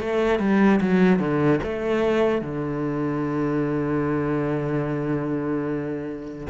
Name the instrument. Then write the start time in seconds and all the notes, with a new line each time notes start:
cello
0.00 A3
0.39 G3
0.81 F#3
1.19 D3
1.63 A3
2.41 D3